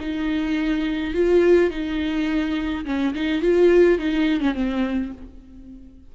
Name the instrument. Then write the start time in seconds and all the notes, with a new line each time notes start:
viola
0.00 D#4
1.14 F4
1.70 D#4
2.85 C#4
3.15 D#4
3.42 F4
3.98 D#4
4.41 C#4
4.54 C4